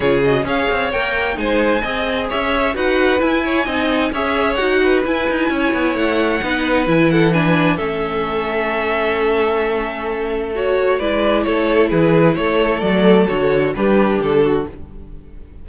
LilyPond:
<<
  \new Staff \with { instrumentName = "violin" } { \time 4/4 \tempo 4 = 131 cis''8 dis''8 f''4 g''4 gis''4~ | gis''4 e''4 fis''4 gis''4~ | gis''4 e''4 fis''4 gis''4~ | gis''4 fis''2 gis''8 fis''8 |
gis''4 e''2.~ | e''2. cis''4 | d''4 cis''4 b'4 cis''4 | d''4 cis''4 b'4 a'4 | }
  \new Staff \with { instrumentName = "violin" } { \time 4/4 gis'4 cis''2 c''4 | dis''4 cis''4 b'4. cis''8 | dis''4 cis''4. b'4. | cis''2 b'4. a'8 |
b'4 a'2.~ | a'1 | b'4 a'4 gis'4 a'4~ | a'2 g'4. fis'8 | }
  \new Staff \with { instrumentName = "viola" } { \time 4/4 f'8 fis'8 gis'4 ais'4 dis'4 | gis'2 fis'4 e'4 | dis'4 gis'4 fis'4 e'4~ | e'2 dis'4 e'4 |
d'4 cis'2.~ | cis'2. fis'4 | e'1 | a4 fis'4 d'2 | }
  \new Staff \with { instrumentName = "cello" } { \time 4/4 cis4 cis'8 c'8 ais4 gis4 | c'4 cis'4 dis'4 e'4 | c'4 cis'4 dis'4 e'8 dis'8 | cis'8 b8 a4 b4 e4~ |
e4 a2.~ | a1 | gis4 a4 e4 a4 | fis4 d4 g4 d4 | }
>>